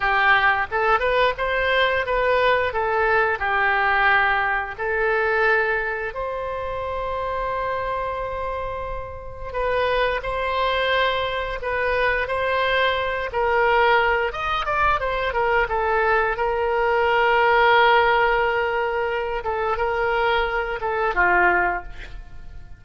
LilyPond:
\new Staff \with { instrumentName = "oboe" } { \time 4/4 \tempo 4 = 88 g'4 a'8 b'8 c''4 b'4 | a'4 g'2 a'4~ | a'4 c''2.~ | c''2 b'4 c''4~ |
c''4 b'4 c''4. ais'8~ | ais'4 dis''8 d''8 c''8 ais'8 a'4 | ais'1~ | ais'8 a'8 ais'4. a'8 f'4 | }